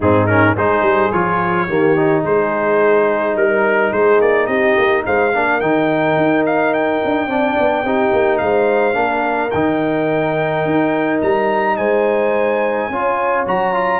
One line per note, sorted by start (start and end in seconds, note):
0.00 0.55 G#2
0.00 0.28 C4
0.00 0.54 D#4
0.00 0.26 G#4
0.26 0.56 C#4
0.26 0.54 A#4
0.54 0.82 G#3
0.54 1.12 D#4
0.54 1.66 G#4
0.54 1.11 C5
0.82 1.10 G3
1.11 1.68 F3
1.11 1.68 F4
1.11 2.23 C#5
1.68 2.24 D#3
1.68 1.96 A#3
1.68 2.22 G4
1.96 5.33 D#4
2.22 3.36 G#3
2.22 3.34 G#4
2.22 3.37 C5
3.36 3.92 G3
3.36 3.92 A#4
3.92 4.20 G#3
3.92 4.46 G#4
3.92 4.20 C5
4.20 4.47 A#3
4.20 4.46 D5
4.46 4.75 C4
4.46 5.02 G4
4.46 5.02 D#5
4.77 5.05 A#3
5.06 5.34 G#3
5.06 5.34 C5
5.06 5.60 F5
5.33 5.61 A#3
5.33 5.61 D4
5.33 7.29 A#4
5.60 6.16 D#3
5.60 7.29 D#4
5.60 6.44 G5
6.16 7.01 D#4
6.45 6.73 F5
6.73 8.38 G5
7.04 7.27 D4
7.27 7.55 C4
7.27 7.85 D4
7.27 7.84 D5
7.59 7.83 B3
7.83 8.11 C4
7.83 8.93 D#4
7.83 8.40 G4
8.12 8.41 A#3
8.38 8.95 G#3
8.38 8.98 C5
8.38 9.50 F5
8.93 9.51 A#3
8.93 9.49 D4
8.93 11.77 A#4
9.51 10.65 D#3
9.51 12.91 D#4
9.51 11.19 G5
10.65 11.21 D#4
11.21 11.78 G3
11.21 11.76 A#5
11.76 12.89 G#3
11.76 12.89 C5
11.76 13.45 G#5
12.89 13.45 C#4
12.89 13.46 F4
12.89 14.00 C#5
13.46 14.00 F#3
13.46 13.73 F#4
13.46 14.00 A#5
13.73 14.00 F4